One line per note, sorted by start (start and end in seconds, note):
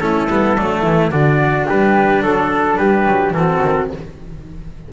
0.00 0.29 A3
0.00 0.29 C#4
0.00 0.58 E4
0.00 1.11 A4
0.29 0.57 G3
0.29 0.58 B3
0.58 0.83 F#3
0.58 1.12 A3
0.58 0.82 D4
0.82 1.11 E3
0.82 1.10 E4
1.11 1.66 D3
1.11 3.34 D4
1.11 1.67 F#4
1.11 1.67 D5
1.67 2.22 G3
1.67 2.22 G4
1.67 2.23 B4
2.22 2.78 F#3
2.22 2.77 A4
2.22 2.79 A4
2.77 3.06 G3
2.77 3.34 G4
2.77 3.33 B4
3.07 3.31 F#3
3.31 3.59 E3
3.31 3.91 F#4
3.31 3.89 A4
3.37 3.93 C4
3.63 3.91 D#3